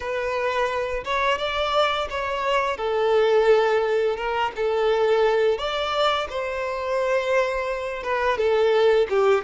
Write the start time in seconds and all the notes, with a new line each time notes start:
0.00 B4
1.04 C#5
1.38 D5
2.10 C#5
2.77 A4
4.16 A#4
4.55 A4
5.58 D5
6.29 C5
8.03 B4
8.37 A4
9.09 G4